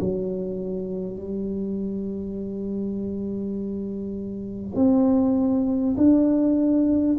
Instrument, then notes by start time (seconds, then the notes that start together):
tuba
0.00 F#3
1.17 G3
4.76 C4
5.97 D4